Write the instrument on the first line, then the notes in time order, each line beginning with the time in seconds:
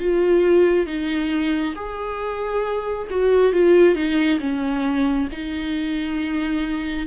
viola
0.00 F4
0.86 D#4
1.76 G#4
3.10 F#4
3.53 F4
3.95 D#4
4.40 C#4
5.32 D#4